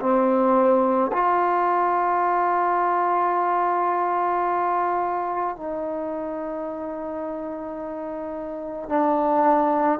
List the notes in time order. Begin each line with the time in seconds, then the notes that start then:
0.00 C4
1.12 F4
5.57 D#4
8.88 D4